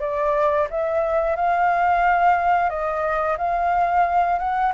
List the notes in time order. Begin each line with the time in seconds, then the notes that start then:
0.00 D5
0.70 E5
1.36 F5
2.70 D#5
3.38 F5
4.39 F#5